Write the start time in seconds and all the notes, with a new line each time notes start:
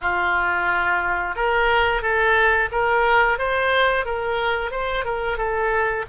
0.01 F4
1.35 A#4
2.01 A4
2.72 A#4
3.38 C5
4.05 A#4
4.71 C5
5.04 A#4
5.37 A4